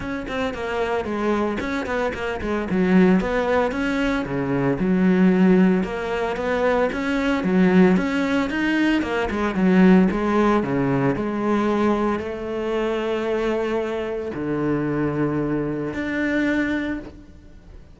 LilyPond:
\new Staff \with { instrumentName = "cello" } { \time 4/4 \tempo 4 = 113 cis'8 c'8 ais4 gis4 cis'8 b8 | ais8 gis8 fis4 b4 cis'4 | cis4 fis2 ais4 | b4 cis'4 fis4 cis'4 |
dis'4 ais8 gis8 fis4 gis4 | cis4 gis2 a4~ | a2. d4~ | d2 d'2 | }